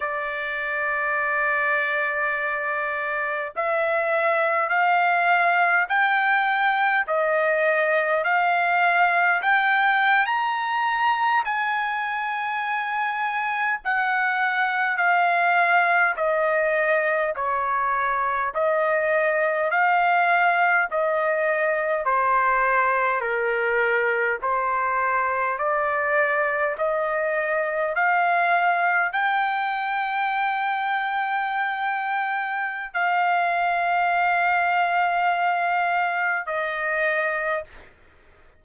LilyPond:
\new Staff \with { instrumentName = "trumpet" } { \time 4/4 \tempo 4 = 51 d''2. e''4 | f''4 g''4 dis''4 f''4 | g''8. ais''4 gis''2 fis''16~ | fis''8. f''4 dis''4 cis''4 dis''16~ |
dis''8. f''4 dis''4 c''4 ais'16~ | ais'8. c''4 d''4 dis''4 f''16~ | f''8. g''2.~ g''16 | f''2. dis''4 | }